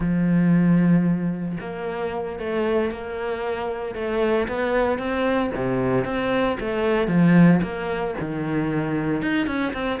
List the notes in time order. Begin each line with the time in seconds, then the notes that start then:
0.00 F3
1.60 A#3
2.39 A3
2.91 A#3
3.94 A3
4.47 B3
4.98 C4
5.55 C3
6.04 C4
6.60 A3
7.07 F3
7.62 A#3
8.20 D#3
9.22 D#4
9.46 C#4
9.73 C4